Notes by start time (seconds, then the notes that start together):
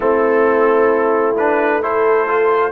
0.00 A3 C4 E4 A4
1.36 D4 B4
1.81 E4 A4 C5
2.27 F4